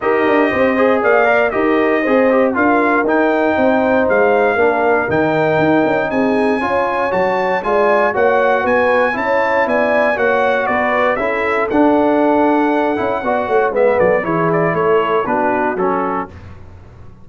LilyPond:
<<
  \new Staff \with { instrumentName = "trumpet" } { \time 4/4 \tempo 4 = 118 dis''2 f''4 dis''4~ | dis''4 f''4 g''2 | f''2 g''2 | gis''2 a''4 gis''4 |
fis''4 gis''4 a''4 gis''4 | fis''4 d''4 e''4 fis''4~ | fis''2. e''8 d''8 | cis''8 d''8 cis''4 b'4 a'4 | }
  \new Staff \with { instrumentName = "horn" } { \time 4/4 ais'4 c''4 d''4 ais'4 | c''4 ais'2 c''4~ | c''4 ais'2. | gis'4 cis''2 d''4 |
cis''4 b'4 cis''4 d''4 | cis''4 b'4 a'2~ | a'2 d''8 cis''8 b'8 a'8 | gis'4 a'4 fis'2 | }
  \new Staff \with { instrumentName = "trombone" } { \time 4/4 g'4. gis'4 ais'8 g'4 | gis'8 g'8 f'4 dis'2~ | dis'4 d'4 dis'2~ | dis'4 f'4 fis'4 f'4 |
fis'2 e'2 | fis'2 e'4 d'4~ | d'4. e'8 fis'4 b4 | e'2 d'4 cis'4 | }
  \new Staff \with { instrumentName = "tuba" } { \time 4/4 dis'8 d'8 c'4 ais4 dis'4 | c'4 d'4 dis'4 c'4 | gis4 ais4 dis4 dis'8 cis'8 | c'4 cis'4 fis4 gis4 |
ais4 b4 cis'4 b4 | ais4 b4 cis'4 d'4~ | d'4. cis'8 b8 a8 gis8 fis8 | e4 a4 b4 fis4 | }
>>